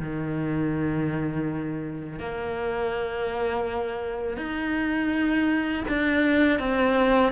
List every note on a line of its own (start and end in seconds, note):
0.00 2.20 D#3
2.20 4.38 A#3
4.38 5.84 D#4
5.89 6.60 D4
6.60 7.33 C4